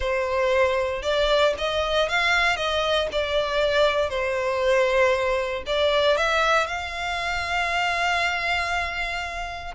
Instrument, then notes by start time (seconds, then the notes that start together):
violin
0.00 C5
1.02 D5
1.58 D#5
2.08 F5
2.56 D#5
3.11 D5
4.09 C5
5.66 D5
6.17 E5
6.66 F5